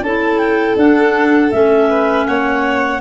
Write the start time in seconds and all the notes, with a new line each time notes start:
0.00 C#4 E4 A4 A5
0.38 G5
0.76 D4 F#5
1.51 A3 C#4 E5
1.89 B4
2.26 A#3 C#5 F#5